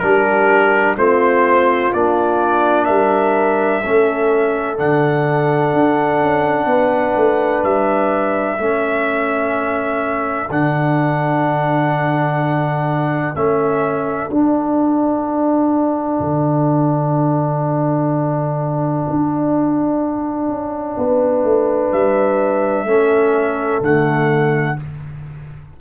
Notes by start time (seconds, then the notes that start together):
0.00 G3 D4 G4 A#4
0.97 A3 C4 F4 C5
1.93 A#3 D4 D5
2.85 G3 A#4 E5
3.82 A3 C#4 A4
4.78 D3 D4 F#5
5.74 D4
6.21 C#4
6.66 B3 B4
7.17 A3
7.64 G3 E5
8.57 A3 C#4 A4
10.50 D3 D4 F#5
13.35 A3 C#4 E5
14.30 D4 F#5
16.20 D3
19.10 D4
20.49 C#4
20.97 B3 B4
21.44 A3
21.92 G3 E5
22.85 A3 C#4 A4
23.82 D3 A3 F#5